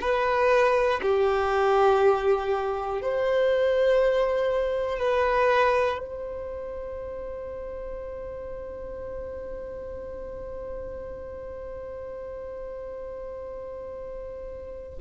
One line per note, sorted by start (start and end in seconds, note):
0.00 1.00 B4
1.01 3.01 G4
3.01 4.99 C5
4.99 5.98 B4
5.98 14.98 C5